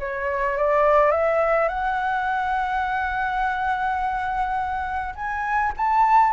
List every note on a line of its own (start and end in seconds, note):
0.00 0.58 C#5
0.58 1.11 D5
1.11 1.69 E5
1.69 5.15 F#5
5.15 5.73 G#5
5.77 6.33 A5